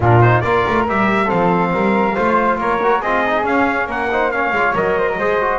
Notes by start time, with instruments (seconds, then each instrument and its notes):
0.00 double bass A#2, trombone D4, flute F4, trumpet A#4
0.21 trombone D#4, trumpet C5
0.40 double bass A#3, trombone F4, flute A#4, trumpet D5
0.67 double bass A3
0.88 double bass G3, trombone G4, trumpet E5
1.25 trombone C4, flute A4, trumpet F5
1.32 double bass F3
1.72 double bass G3, flute A#4
2.15 double bass A3, trombone F4, flute C5
2.57 double bass A#3, flute A#4, trumpet C#5
2.82 trombone F#4
3.01 double bass C4, trombone F4, flute G#4, trumpet D#5
3.27 trombone D#4
3.43 trombone C#4, double bass C#4, trumpet F5
3.86 double bass A#3, flute A#4, trumpet F#5
4.11 trombone D#4, flute C5
4.31 trombone C#4, flute C#5, trumpet F5
4.51 double bass G#3, trombone F4
4.74 double bass F#3, trombone A#4, trumpet D#5
4.99 flute C5
5.08 flute A#4
5.18 double bass G#3, trombone G#4, flute C5
5.41 trombone F#4